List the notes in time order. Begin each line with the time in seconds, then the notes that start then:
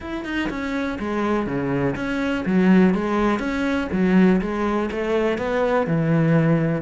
0.00 E4
0.24 D#4
0.49 C#4
0.99 G#3
1.46 C#3
1.95 C#4
2.45 F#3
2.94 G#3
3.39 C#4
3.92 F#3
4.41 G#3
4.91 A3
5.38 B3
5.86 E3